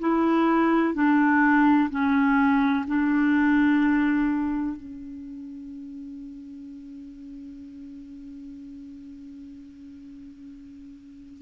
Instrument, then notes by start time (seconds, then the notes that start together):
clarinet
0.00 E4
0.94 D4
1.90 C#4
2.87 D4
4.77 C#4